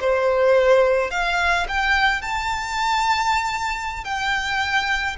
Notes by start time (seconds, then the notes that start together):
0.00 C5
1.10 F5
1.68 G5
2.21 A5
4.04 G5